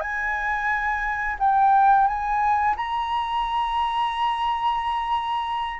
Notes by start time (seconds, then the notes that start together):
0.00 G#5
1.39 G5
2.07 G#5
2.76 A#5